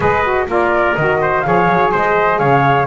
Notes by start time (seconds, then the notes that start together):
0.00 G#3 G#4 B4 D#5
0.23 F#4
0.47 A#3 F4 A#4 D5
0.95 D#3 F#4 D#5
1.21 C5
1.41 F3 G#4 C#5 F5
1.68 F#3
1.91 G#3 C5 D#5
2.38 C#3 C#5 F5